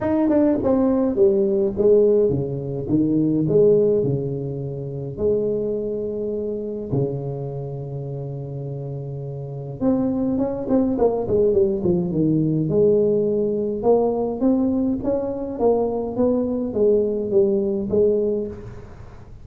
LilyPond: \new Staff \with { instrumentName = "tuba" } { \time 4/4 \tempo 4 = 104 dis'8 d'8 c'4 g4 gis4 | cis4 dis4 gis4 cis4~ | cis4 gis2. | cis1~ |
cis4 c'4 cis'8 c'8 ais8 gis8 | g8 f8 dis4 gis2 | ais4 c'4 cis'4 ais4 | b4 gis4 g4 gis4 | }